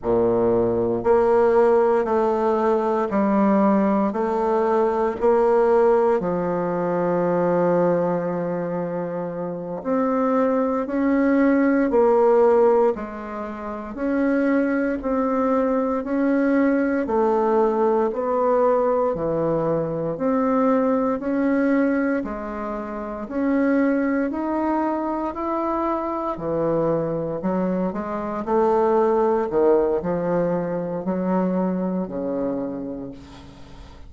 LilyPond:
\new Staff \with { instrumentName = "bassoon" } { \time 4/4 \tempo 4 = 58 ais,4 ais4 a4 g4 | a4 ais4 f2~ | f4. c'4 cis'4 ais8~ | ais8 gis4 cis'4 c'4 cis'8~ |
cis'8 a4 b4 e4 c'8~ | c'8 cis'4 gis4 cis'4 dis'8~ | dis'8 e'4 e4 fis8 gis8 a8~ | a8 dis8 f4 fis4 cis4 | }